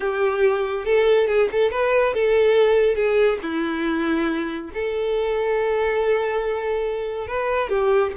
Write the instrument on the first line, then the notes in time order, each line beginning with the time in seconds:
violin
0.00 G4
0.85 A4
1.27 G#4
1.51 A4
1.71 B4
2.14 A4
2.95 G#4
3.42 E4
4.74 A4
7.27 B4
7.69 G4